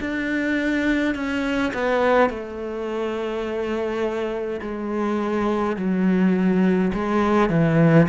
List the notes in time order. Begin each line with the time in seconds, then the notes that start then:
0.00 D4
1.15 C#4
1.74 B3
2.30 A3
4.61 G#3
5.76 F#3
6.93 G#3
7.49 E3